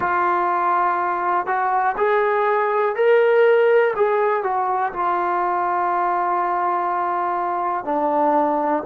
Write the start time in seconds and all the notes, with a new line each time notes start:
0.00 F4
1.46 F#4
1.97 G#4
2.95 A#4
3.96 G#4
4.43 F#4
4.92 F4
7.84 D4